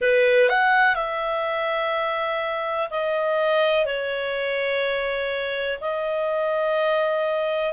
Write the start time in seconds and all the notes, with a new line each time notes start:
0.00 B4
0.49 F#5
0.95 E5
2.90 D#5
3.85 C#5
5.80 D#5